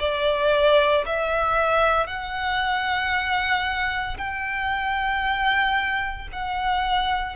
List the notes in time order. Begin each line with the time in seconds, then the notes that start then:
0.00 D5
1.06 E5
2.07 F#5
4.18 G5
6.33 F#5